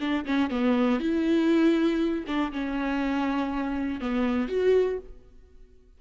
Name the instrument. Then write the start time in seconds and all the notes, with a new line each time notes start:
viola
0.00 D4
0.25 C#4
0.50 B3
1.00 E4
2.27 D4
2.52 C#4
4.00 B3
4.48 F#4